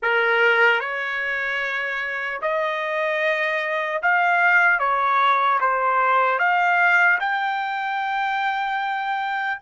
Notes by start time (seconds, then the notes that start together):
0.02 A#4
0.80 C#5
2.41 D#5
4.02 F5
4.79 C#5
5.60 C5
6.39 F5
7.20 G5